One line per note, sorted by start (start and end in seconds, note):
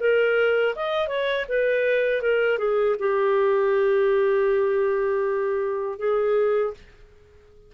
0.00 0.75 A#4
0.75 1.08 D#5
1.08 1.45 C#5
1.48 2.22 B4
2.22 2.58 A#4
2.58 2.96 G#4
2.99 5.99 G4
5.99 6.74 G#4